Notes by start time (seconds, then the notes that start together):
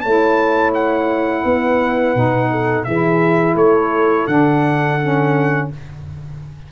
0.00 A3 E4 C#5 A5
0.74 F#5
1.43 B3 B4
2.14 B2 D#4
2.50 A4
2.84 E3 E4 G#4 E5
3.55 A3 A4 C#5
4.27 D3 D4 F#5
5.00 C#4